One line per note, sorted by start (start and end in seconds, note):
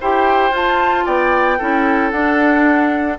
0.00 0.51 E4
0.00 0.51 G4
0.00 1.05 C5
0.00 0.55 G5
0.51 1.04 F4
0.51 1.58 F4
0.51 1.06 A5
1.05 1.59 B3
1.05 1.58 D5
1.05 2.11 G5
1.58 2.12 C#4
1.58 2.12 E4
1.58 3.17 A4
2.11 3.18 D4
2.11 3.17 F#5